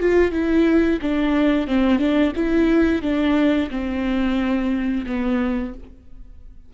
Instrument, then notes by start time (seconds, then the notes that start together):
viola
0.00 F4
0.32 E4
1.02 D4
1.68 C4
1.99 D4
2.36 E4
3.02 D4
3.71 C4
5.07 B3